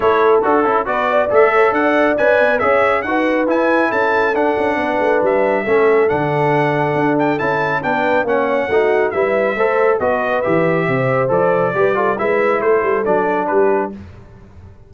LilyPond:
<<
  \new Staff \with { instrumentName = "trumpet" } { \time 4/4 \tempo 4 = 138 cis''4 a'4 d''4 e''4 | fis''4 gis''4 e''4 fis''4 | gis''4 a''4 fis''2 | e''2 fis''2~ |
fis''8 g''8 a''4 g''4 fis''4~ | fis''4 e''2 dis''4 | e''2 d''2 | e''4 c''4 d''4 b'4 | }
  \new Staff \with { instrumentName = "horn" } { \time 4/4 a'2 b'8 d''4 cis''8 | d''2 cis''4 b'4~ | b'4 a'2 b'4~ | b'4 a'2.~ |
a'2 b'4 cis''4 | fis'4 b'4 c''4 b'4~ | b'4 c''2 b'8 a'8 | b'4 a'2 g'4 | }
  \new Staff \with { instrumentName = "trombone" } { \time 4/4 e'4 fis'8 e'8 fis'4 a'4~ | a'4 b'4 gis'4 fis'4 | e'2 d'2~ | d'4 cis'4 d'2~ |
d'4 e'4 d'4 cis'4 | dis'4 e'4 a'4 fis'4 | g'2 a'4 g'8 f'8 | e'2 d'2 | }
  \new Staff \with { instrumentName = "tuba" } { \time 4/4 a4 d'8 cis'8 b4 a4 | d'4 cis'8 b8 cis'4 dis'4 | e'4 cis'4 d'8 cis'8 b8 a8 | g4 a4 d2 |
d'4 cis'4 b4 ais4 | a4 g4 a4 b4 | e4 c4 f4 g4 | gis4 a8 g8 fis4 g4 | }
>>